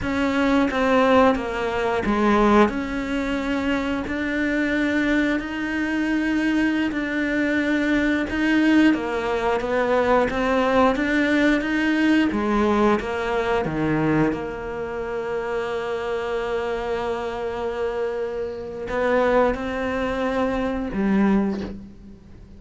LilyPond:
\new Staff \with { instrumentName = "cello" } { \time 4/4 \tempo 4 = 89 cis'4 c'4 ais4 gis4 | cis'2 d'2 | dis'2~ dis'16 d'4.~ d'16~ | d'16 dis'4 ais4 b4 c'8.~ |
c'16 d'4 dis'4 gis4 ais8.~ | ais16 dis4 ais2~ ais8.~ | ais1 | b4 c'2 g4 | }